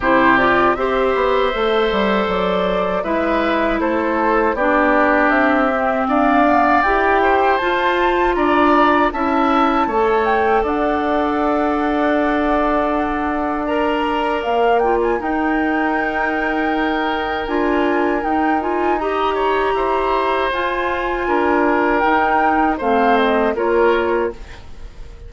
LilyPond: <<
  \new Staff \with { instrumentName = "flute" } { \time 4/4 \tempo 4 = 79 c''8 d''8 e''2 d''4 | e''4 c''4 d''4 e''4 | f''4 g''4 a''4 ais''4 | a''4. g''8 fis''2~ |
fis''2 ais''4 f''8 g''16 gis''16 | g''2. gis''4 | g''8 gis''8 ais''2 gis''4~ | gis''4 g''4 f''8 dis''8 cis''4 | }
  \new Staff \with { instrumentName = "oboe" } { \time 4/4 g'4 c''2. | b'4 a'4 g'2 | d''4. c''4. d''4 | e''4 cis''4 d''2~ |
d''1 | ais'1~ | ais'4 dis''8 cis''8 c''2 | ais'2 c''4 ais'4 | }
  \new Staff \with { instrumentName = "clarinet" } { \time 4/4 e'8 f'8 g'4 a'2 | e'2 d'4. c'8~ | c'8 b8 g'4 f'2 | e'4 a'2.~ |
a'2 ais'4. f'8 | dis'2. f'4 | dis'8 f'8 g'2 f'4~ | f'4 dis'4 c'4 f'4 | }
  \new Staff \with { instrumentName = "bassoon" } { \time 4/4 c4 c'8 b8 a8 g8 fis4 | gis4 a4 b4 c'4 | d'4 e'4 f'4 d'4 | cis'4 a4 d'2~ |
d'2. ais4 | dis'2. d'4 | dis'2 e'4 f'4 | d'4 dis'4 a4 ais4 | }
>>